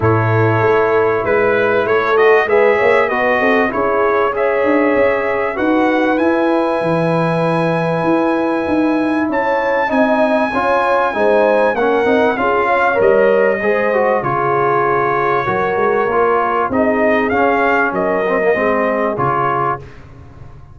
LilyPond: <<
  \new Staff \with { instrumentName = "trumpet" } { \time 4/4 \tempo 4 = 97 cis''2 b'4 cis''8 dis''8 | e''4 dis''4 cis''4 e''4~ | e''4 fis''4 gis''2~ | gis''2. a''4 |
gis''2. fis''4 | f''4 dis''2 cis''4~ | cis''2. dis''4 | f''4 dis''2 cis''4 | }
  \new Staff \with { instrumentName = "horn" } { \time 4/4 a'2 b'4 a'4 | b'8 cis''8 b'8 a'8 gis'4 cis''4~ | cis''4 b'2.~ | b'2. cis''4 |
dis''4 cis''4 c''4 ais'4 | gis'8 cis''4. c''4 gis'4~ | gis'4 ais'2 gis'4~ | gis'4 ais'4 gis'2 | }
  \new Staff \with { instrumentName = "trombone" } { \time 4/4 e'2.~ e'8 fis'8 | gis'4 fis'4 e'4 gis'4~ | gis'4 fis'4 e'2~ | e'1 |
dis'4 f'4 dis'4 cis'8 dis'8 | f'4 ais'4 gis'8 fis'8 f'4~ | f'4 fis'4 f'4 dis'4 | cis'4. c'16 ais16 c'4 f'4 | }
  \new Staff \with { instrumentName = "tuba" } { \time 4/4 a,4 a4 gis4 a4 | gis8 ais8 b8 c'8 cis'4. d'8 | cis'4 dis'4 e'4 e4~ | e4 e'4 dis'4 cis'4 |
c'4 cis'4 gis4 ais8 c'8 | cis'4 g4 gis4 cis4~ | cis4 fis8 gis8 ais4 c'4 | cis'4 fis4 gis4 cis4 | }
>>